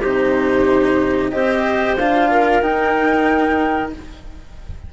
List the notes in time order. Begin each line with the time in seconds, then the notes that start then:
0.00 C3 D#4 G4 C5
1.30 C4 G4 C5 D#5
1.97 D4 F4 F5
2.30 A#4
2.61 D#4 G5